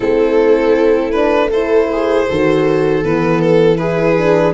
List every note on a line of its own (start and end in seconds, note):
0.00 2.26 A3
0.00 1.13 C4
0.00 1.48 E4
0.00 1.11 A4
1.11 1.51 D4
1.11 1.49 B4
1.50 2.28 E4
1.50 1.88 A4
1.50 3.03 C5
1.92 2.30 G#4
2.29 3.03 D#3
2.29 3.03 F#4
2.29 3.79 A4
3.03 4.53 E3
3.03 3.77 B3
3.03 3.41 B4
3.41 3.77 A4
3.77 4.15 E4
3.77 4.53 G#4
3.77 4.53 B4
4.17 4.53 D4